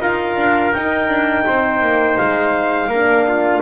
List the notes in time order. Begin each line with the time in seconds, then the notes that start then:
0.00 D#4 F4 A#4 F5
0.36 D4
0.73 D#4 G5
1.08 D4
1.46 C4 C5
1.81 A#3
2.17 G#3 F5
2.87 A#3 A#4
2.94 D4
3.28 F4